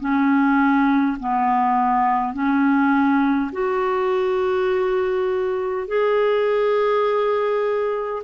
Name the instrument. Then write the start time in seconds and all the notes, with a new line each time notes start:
clarinet
0.00 C#4
1.20 B3
2.34 C#4
3.52 F#4
5.88 G#4